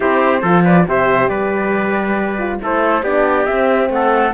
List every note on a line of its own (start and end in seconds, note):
0.00 0.42 C4
0.00 0.43 E4
0.00 0.41 G4
0.00 0.64 C5
0.41 0.86 F3
0.41 0.87 F4
0.41 0.63 A4
0.64 0.85 B4
0.64 0.87 D5
0.87 1.28 C3
0.87 2.38 G4
0.87 1.29 C5
0.87 1.28 E5
1.28 2.59 G3
1.28 2.60 B4
1.28 2.58 D5
2.38 2.60 F4
2.60 3.02 A3
2.60 3.04 E4
2.60 3.03 A4
2.60 3.03 C5
3.02 3.46 B3
3.02 3.46 D4
3.02 3.90 G4
3.02 3.45 D5
3.45 4.33 C4
3.45 3.89 C4
3.45 3.89 E5
3.89 4.32 A3
3.89 4.33 A4
3.89 4.33 F#5